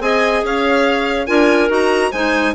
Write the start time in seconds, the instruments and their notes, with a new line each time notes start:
0.00 bassoon C4, clarinet G#4 D#5, violin G#5
0.43 bassoon C#4, clarinet C#5, violin F5
1.26 bassoon D4, clarinet F4 A#4, violin G#5
1.68 bassoon D#4, clarinet F#4, violin A#5
2.11 bassoon G#3, clarinet D#4 C5, violin G#5